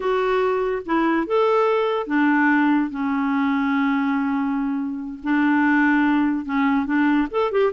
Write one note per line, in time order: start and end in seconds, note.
0.00 0.82 F#4
0.85 1.27 E4
1.27 2.06 A4
2.06 2.90 D4
2.90 5.19 C#4
5.23 6.45 D4
6.45 6.86 C#4
6.86 7.27 D4
7.30 7.51 A4
7.51 7.72 G4